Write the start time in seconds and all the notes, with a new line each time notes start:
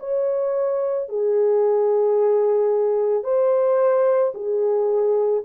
0.00 C#5
1.09 G#4
3.24 C5
4.35 G#4